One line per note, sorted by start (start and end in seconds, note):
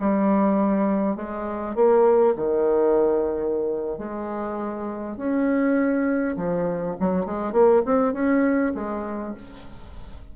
0.00 1.17 G3
1.17 1.76 G#3
1.76 2.35 A#3
2.36 3.99 D#3
3.99 5.17 G#3
5.17 6.36 C#4
6.37 6.96 F3
7.00 7.26 F#3
7.26 7.53 G#3
7.53 7.83 A#3
7.86 8.14 C4
8.14 8.73 C#4
8.75 9.34 G#3